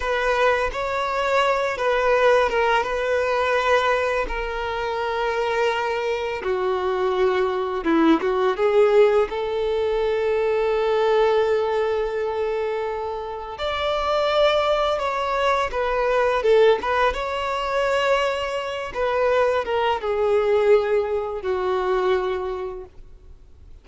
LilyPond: \new Staff \with { instrumentName = "violin" } { \time 4/4 \tempo 4 = 84 b'4 cis''4. b'4 ais'8 | b'2 ais'2~ | ais'4 fis'2 e'8 fis'8 | gis'4 a'2.~ |
a'2. d''4~ | d''4 cis''4 b'4 a'8 b'8 | cis''2~ cis''8 b'4 ais'8 | gis'2 fis'2 | }